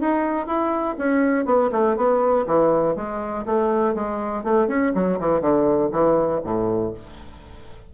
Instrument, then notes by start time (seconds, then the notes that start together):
bassoon
0.00 D#4
0.46 E4
0.98 C#4
1.45 B3
1.72 A3
1.96 B3
2.47 E3
2.95 G#3
3.46 A3
3.94 G#3
4.44 A3
4.68 C#4
4.95 F#3
5.20 E3
5.41 D3
5.91 E3
6.44 A2